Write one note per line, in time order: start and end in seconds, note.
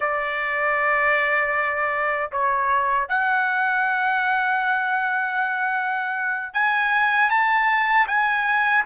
0.00 2.31 D5
2.31 3.08 C#5
3.08 6.53 F#5
6.53 7.30 G#5
7.30 8.07 A5
8.07 8.84 G#5